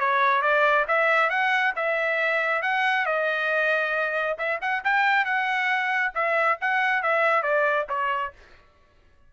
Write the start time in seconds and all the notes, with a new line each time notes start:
0.00 C#5
0.42 D5
0.88 E5
1.30 F#5
1.76 E5
2.63 F#5
3.06 D#5
4.38 E5
4.61 F#5
4.85 G5
5.25 F#5
6.15 E5
6.61 F#5
7.03 E5
7.43 D5
7.89 C#5